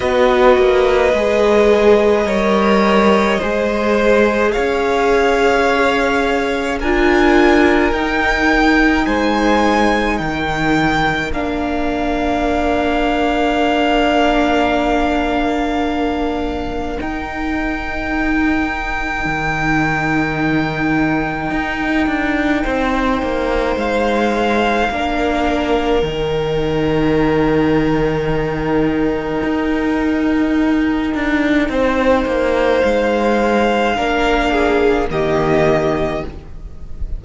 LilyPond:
<<
  \new Staff \with { instrumentName = "violin" } { \time 4/4 \tempo 4 = 53 dis''1 | f''2 gis''4 g''4 | gis''4 g''4 f''2~ | f''2. g''4~ |
g''1~ | g''4 f''2 g''4~ | g''1~ | g''4 f''2 dis''4 | }
  \new Staff \with { instrumentName = "violin" } { \time 4/4 b'2 cis''4 c''4 | cis''2 ais'2 | c''4 ais'2.~ | ais'1~ |
ais'1 | c''2 ais'2~ | ais'1 | c''2 ais'8 gis'8 g'4 | }
  \new Staff \with { instrumentName = "viola" } { \time 4/4 fis'4 gis'4 ais'4 gis'4~ | gis'2 f'4 dis'4~ | dis'2 d'2~ | d'2. dis'4~ |
dis'1~ | dis'2 d'4 dis'4~ | dis'1~ | dis'2 d'4 ais4 | }
  \new Staff \with { instrumentName = "cello" } { \time 4/4 b8 ais8 gis4 g4 gis4 | cis'2 d'4 dis'4 | gis4 dis4 ais2~ | ais2. dis'4~ |
dis'4 dis2 dis'8 d'8 | c'8 ais8 gis4 ais4 dis4~ | dis2 dis'4. d'8 | c'8 ais8 gis4 ais4 dis4 | }
>>